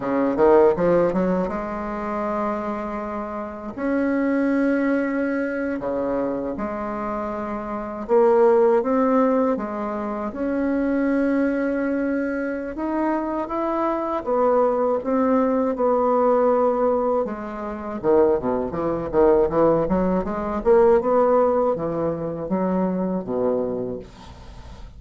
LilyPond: \new Staff \with { instrumentName = "bassoon" } { \time 4/4 \tempo 4 = 80 cis8 dis8 f8 fis8 gis2~ | gis4 cis'2~ cis'8. cis16~ | cis8. gis2 ais4 c'16~ | c'8. gis4 cis'2~ cis'16~ |
cis'4 dis'4 e'4 b4 | c'4 b2 gis4 | dis8 b,8 e8 dis8 e8 fis8 gis8 ais8 | b4 e4 fis4 b,4 | }